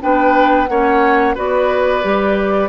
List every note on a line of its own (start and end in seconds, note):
0.00 0.69 B3
0.00 0.67 D4
0.00 0.70 B4
0.00 0.67 G5
0.67 1.36 A#3
0.67 1.35 C#4
0.67 1.34 C#5
0.67 1.35 F#5
1.34 2.04 B3
1.34 2.02 F#4
1.34 2.69 B4
1.34 2.69 D5
2.02 2.69 G3
2.02 2.69 G4